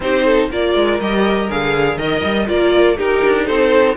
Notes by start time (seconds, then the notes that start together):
0.00 C4 D#4 G4 C5
0.25 A4
0.50 A#3 F4 A#4 D5
0.74 G#3
1.00 G3 G4 D#5
1.50 D3 G#4 F5
1.97 D#3 A#4 D#5
2.24 G3
2.46 A#3 F4 A#4 D5
2.96 D#4 G4 A#4
3.24 D4
3.46 C4 A4 C5